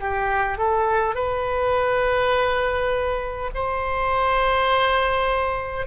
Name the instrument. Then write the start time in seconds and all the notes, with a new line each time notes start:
oboe
0.00 G4
0.57 A4
1.14 B4
3.54 C5